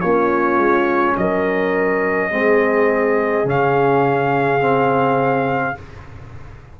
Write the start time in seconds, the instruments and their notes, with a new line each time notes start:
0.00 tuba A#3, trombone C#4, horn F4, trumpet C#5
0.57 tuba G#3
1.17 tuba F#3, horn A#4, trumpet D#5
2.30 tuba G#3, trombone C4, horn G#4
3.44 tuba C#3, trombone C#4, trumpet F5
4.59 trombone C4